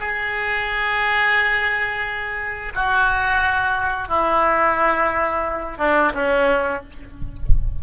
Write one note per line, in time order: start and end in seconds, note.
0.00 2.73 G#4
2.75 4.08 F#4
4.08 5.78 E4
5.78 6.12 D4
6.14 6.82 C#4